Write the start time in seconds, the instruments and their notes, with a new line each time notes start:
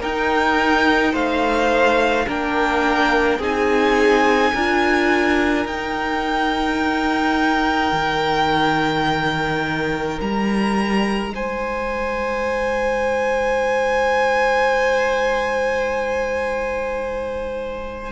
0.00 viola D#4, cello D#4, violin A#4 G5
1.13 cello A3, violin C5 F5
2.27 cello A#3, viola D4, violin A#4 G5
3.39 cello C4, viola D#4, violin G#4 G#5
4.54 cello D4, viola F4, violin A#4
5.65 cello D#4, viola D#4, violin G5
7.92 cello D#3
10.21 cello G3, violin A#5
11.33 cello G#3, violin C5 G#5